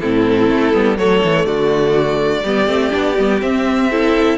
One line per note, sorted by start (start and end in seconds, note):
0.00 0.49 A2
0.00 0.72 C4
0.00 0.98 E4
0.00 0.97 A4
0.49 0.73 A3
0.72 0.98 G3
0.72 0.97 B3
0.97 1.22 F#3
0.97 2.44 A3
0.97 1.46 A4
0.97 1.45 C#5
1.23 1.45 E3
1.45 2.43 D3
1.45 2.43 F#4
1.45 3.40 D5
2.43 2.67 G3
2.43 2.66 B3
2.43 3.90 G4
2.66 2.92 A3
2.66 2.90 C4
2.90 3.18 B3
2.90 3.14 D4
3.18 3.42 G3
3.18 3.41 B3
3.41 3.89 C4
3.41 4.38 C4
3.41 4.38 E5
3.90 4.38 E4
3.90 4.38 A4